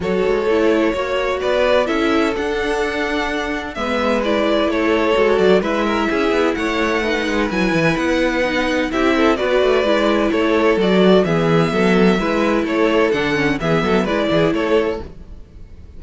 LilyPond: <<
  \new Staff \with { instrumentName = "violin" } { \time 4/4 \tempo 4 = 128 cis''2. d''4 | e''4 fis''2. | e''4 d''4 cis''4. d''8 | e''2 fis''2 |
gis''4 fis''2 e''4 | d''2 cis''4 d''4 | e''2. cis''4 | fis''4 e''4 d''4 cis''4 | }
  \new Staff \with { instrumentName = "violin" } { \time 4/4 a'2 cis''4 b'4 | a'1 | b'2 a'2 | b'8 ais'8 gis'4 cis''4 b'4~ |
b'2. g'8 a'8 | b'2 a'2 | gis'4 a'4 b'4 a'4~ | a'4 gis'8 a'8 b'8 gis'8 a'4 | }
  \new Staff \with { instrumentName = "viola" } { \time 4/4 fis'4 e'4 fis'2 | e'4 d'2. | b4 e'2 fis'4 | e'2. dis'4 |
e'2 dis'4 e'4 | fis'4 e'2 fis'4 | b2 e'2 | d'8 cis'8 b4 e'2 | }
  \new Staff \with { instrumentName = "cello" } { \time 4/4 fis8 gis8 a4 ais4 b4 | cis'4 d'2. | gis2 a4 gis8 fis8 | gis4 cis'8 b8 a4. gis8 |
fis8 e8 b2 c'4 | b8 a8 gis4 a4 fis4 | e4 fis4 gis4 a4 | d4 e8 fis8 gis8 e8 a4 | }
>>